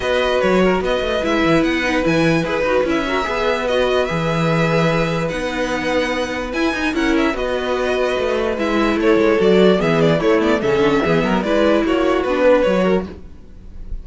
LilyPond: <<
  \new Staff \with { instrumentName = "violin" } { \time 4/4 \tempo 4 = 147 dis''4 cis''4 dis''4 e''4 | fis''4 gis''4 b'4 e''4~ | e''4 dis''4 e''2~ | e''4 fis''2. |
gis''4 fis''8 e''8 dis''2~ | dis''4 e''4 cis''4 d''4 | e''8 d''8 cis''8 d''8 e''2 | d''4 cis''4 b'4 cis''4 | }
  \new Staff \with { instrumentName = "violin" } { \time 4/4 b'4. ais'8 b'2~ | b'2.~ b'8 ais'8 | b'1~ | b'1~ |
b'4 ais'4 b'2~ | b'2 a'2 | gis'4 e'4 a'4 gis'8 ais'8 | b'4 fis'4. b'4 ais'8 | }
  \new Staff \with { instrumentName = "viola" } { \time 4/4 fis'2. e'4~ | e'8 dis'8 e'4 gis'8 fis'8 e'8 fis'8 | gis'4 fis'4 gis'2~ | gis'4 dis'2. |
e'8 dis'8 e'4 fis'2~ | fis'4 e'2 fis'4 | b4 a8 b8 cis'4 b4 | e'2 d'4 fis'4 | }
  \new Staff \with { instrumentName = "cello" } { \time 4/4 b4 fis4 b8 a8 gis8 e8 | b4 e4 e'8 dis'8 cis'4 | b2 e2~ | e4 b2. |
e'8 dis'8 cis'4 b2 | a4 gis4 a8 gis8 fis4 | e4 a4 cis8 d8 e8 fis8 | gis4 ais4 b4 fis4 | }
>>